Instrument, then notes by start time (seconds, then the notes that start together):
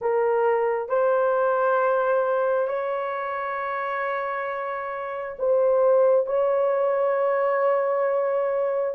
horn
0.01 A#4
0.88 C5
2.67 C#5
5.38 C5
6.26 C#5